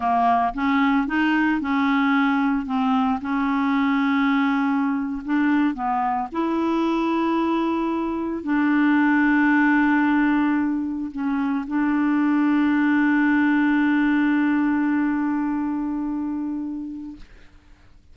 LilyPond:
\new Staff \with { instrumentName = "clarinet" } { \time 4/4 \tempo 4 = 112 ais4 cis'4 dis'4 cis'4~ | cis'4 c'4 cis'2~ | cis'4.~ cis'16 d'4 b4 e'16~ | e'2.~ e'8. d'16~ |
d'1~ | d'8. cis'4 d'2~ d'16~ | d'1~ | d'1 | }